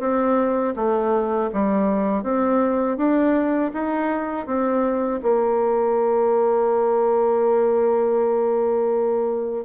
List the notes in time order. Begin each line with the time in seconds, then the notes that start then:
0.00 C4
0.76 A3
1.54 G3
2.23 C4
2.97 D4
3.74 D#4
4.46 C4
5.23 A#3